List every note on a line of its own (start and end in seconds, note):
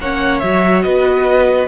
0.00 0.42 A#3
0.00 0.43 C#4
0.00 0.85 C#5
0.00 0.40 F#5
0.40 0.85 F#3
0.40 1.68 F#4
0.40 0.82 E5
0.82 1.68 B3
0.82 1.68 B4
0.82 1.67 D#5